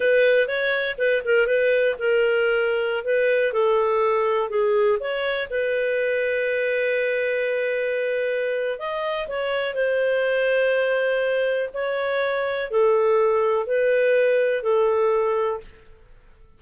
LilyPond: \new Staff \with { instrumentName = "clarinet" } { \time 4/4 \tempo 4 = 123 b'4 cis''4 b'8 ais'8 b'4 | ais'2~ ais'16 b'4 a'8.~ | a'4~ a'16 gis'4 cis''4 b'8.~ | b'1~ |
b'2 dis''4 cis''4 | c''1 | cis''2 a'2 | b'2 a'2 | }